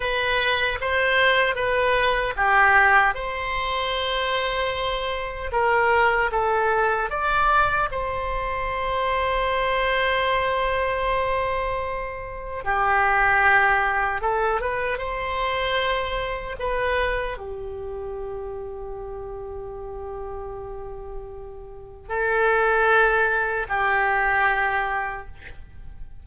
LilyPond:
\new Staff \with { instrumentName = "oboe" } { \time 4/4 \tempo 4 = 76 b'4 c''4 b'4 g'4 | c''2. ais'4 | a'4 d''4 c''2~ | c''1 |
g'2 a'8 b'8 c''4~ | c''4 b'4 g'2~ | g'1 | a'2 g'2 | }